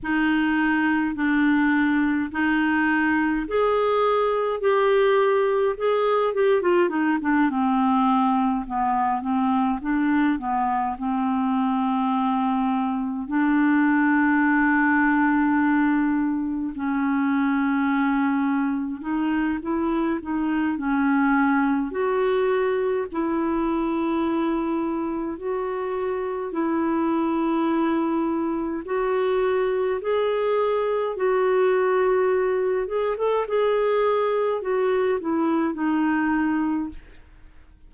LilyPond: \new Staff \with { instrumentName = "clarinet" } { \time 4/4 \tempo 4 = 52 dis'4 d'4 dis'4 gis'4 | g'4 gis'8 g'16 f'16 dis'16 d'16 c'4 b8 | c'8 d'8 b8 c'2 d'8~ | d'2~ d'8 cis'4.~ |
cis'8 dis'8 e'8 dis'8 cis'4 fis'4 | e'2 fis'4 e'4~ | e'4 fis'4 gis'4 fis'4~ | fis'8 gis'16 a'16 gis'4 fis'8 e'8 dis'4 | }